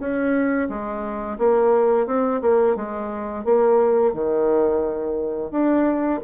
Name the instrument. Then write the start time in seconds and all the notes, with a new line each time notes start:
bassoon
0.00 C#4
0.69 G#3
1.38 A#3
2.07 C4
2.42 A#3
2.76 G#3
3.45 A#3
4.14 D#3
5.51 D4